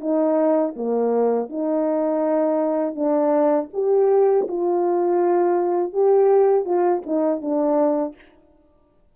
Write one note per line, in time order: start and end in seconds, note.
0.00 0.74 D#4
0.76 1.49 A#3
1.49 2.95 D#4
2.95 3.69 D4
3.73 4.47 G4
4.48 5.93 F4
5.93 6.65 G4
6.65 7.02 F4
7.06 7.41 D#4
7.41 8.15 D4